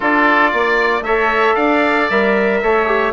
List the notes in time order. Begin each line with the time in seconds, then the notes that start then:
0.00 D4 F4 A4 D5
0.51 A#3 D5
1.01 A3 A4 C#5 E5
1.55 D4 D5 F5
2.09 G3 A#4 E5
2.62 A3 A4 C#5
2.86 G4